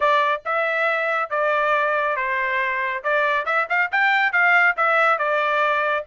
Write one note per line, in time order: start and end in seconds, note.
0.00 0.41 D5
0.45 1.30 E5
1.30 2.16 D5
2.16 3.02 C5
3.03 3.45 D5
3.45 3.67 E5
3.69 3.90 F5
3.91 4.32 G5
4.32 4.75 F5
4.76 5.18 E5
5.18 6.04 D5